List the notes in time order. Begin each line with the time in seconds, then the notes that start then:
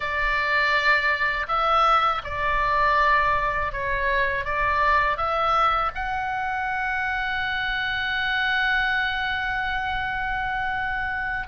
0.00 D5
1.47 E5
2.24 D5
3.72 C#5
4.44 D5
5.17 E5
5.94 F#5